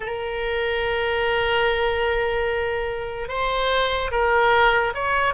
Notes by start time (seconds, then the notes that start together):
0.00 A#4
3.28 C5
4.11 A#4
4.94 C#5